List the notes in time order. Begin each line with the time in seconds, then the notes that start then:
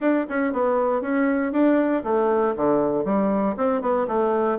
0.00 D4
0.29 C#4
0.52 B3
1.01 C#4
1.52 D4
2.03 A3
2.56 D3
3.04 G3
3.56 C4
3.81 B3
4.07 A3